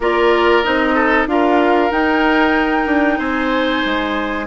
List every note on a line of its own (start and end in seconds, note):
0.00 0.64 A#3
0.00 0.64 F4
0.00 0.95 A#4
0.00 0.63 D5
0.63 1.26 C4
0.63 1.27 D#4
0.63 1.27 D#5
0.95 1.26 A4
1.26 1.90 D4
1.26 1.90 F4
1.26 3.18 A#4
1.26 1.91 F5
1.90 4.46 D#4
1.90 2.86 D#4
1.90 3.18 G5
2.86 3.18 D4
3.18 3.82 C4
3.18 4.46 C5
3.18 4.46 G#5
3.85 4.47 G#3